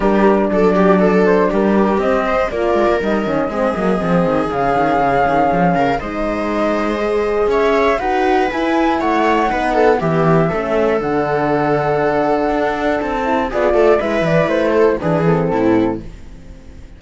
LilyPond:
<<
  \new Staff \with { instrumentName = "flute" } { \time 4/4 \tempo 4 = 120 ais'4 d''4. c''8 ais'4 | dis''4 d''4 dis''2~ | dis''4 f''2. | dis''2. e''4 |
fis''4 gis''4 fis''2 | e''2 fis''2~ | fis''2 a''4 d''4 | e''8 d''8 c''4 b'8 a'4. | }
  \new Staff \with { instrumentName = "viola" } { \time 4/4 g'4 a'8 g'8 a'4 g'4~ | g'8 c''8 ais'2 gis'4~ | gis'2.~ gis'8 ais'8 | c''2. cis''4 |
b'2 cis''4 b'8 a'8 | g'4 a'2.~ | a'2. gis'8 a'8 | b'4. a'8 gis'4 e'4 | }
  \new Staff \with { instrumentName = "horn" } { \time 4/4 d'1 | c'4 f'4 dis'8 cis'8 c'8 ais8 | c'4 cis'2. | dis'2 gis'2 |
fis'4 e'2 dis'4 | b4 cis'4 d'2~ | d'2~ d'8 e'8 f'4 | e'2 d'8 c'4. | }
  \new Staff \with { instrumentName = "cello" } { \time 4/4 g4 fis2 g4 | c'4 ais8 gis16 ais16 g8 dis8 gis8 fis8 | f8 dis8 cis8 dis8 cis8 dis8 f8 cis8 | gis2. cis'4 |
dis'4 e'4 a4 b4 | e4 a4 d2~ | d4 d'4 c'4 b8 a8 | gis8 e8 a4 e4 a,4 | }
>>